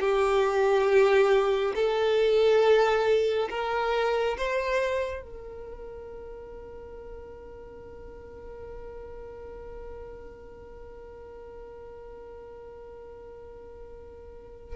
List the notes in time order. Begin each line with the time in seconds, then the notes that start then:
0.00 G4
1.75 A4
3.50 A#4
4.37 C5
5.23 A#4